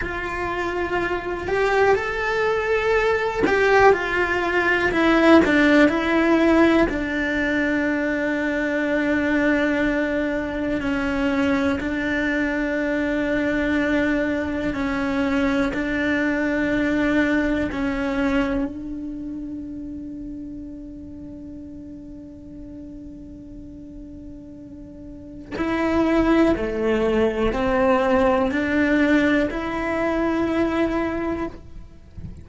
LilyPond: \new Staff \with { instrumentName = "cello" } { \time 4/4 \tempo 4 = 61 f'4. g'8 a'4. g'8 | f'4 e'8 d'8 e'4 d'4~ | d'2. cis'4 | d'2. cis'4 |
d'2 cis'4 d'4~ | d'1~ | d'2 e'4 a4 | c'4 d'4 e'2 | }